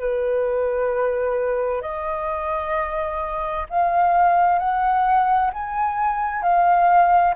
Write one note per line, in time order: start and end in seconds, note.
0.00 1.82 B4
1.82 3.67 D#5
3.70 4.59 F5
4.59 5.51 F#5
5.53 6.43 G#5
6.43 7.35 F5